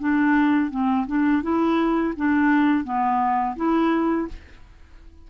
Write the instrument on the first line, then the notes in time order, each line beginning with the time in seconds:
clarinet
0.00 D4
0.71 C4
1.07 D4
1.43 E4
2.17 D4
2.85 B3
3.56 E4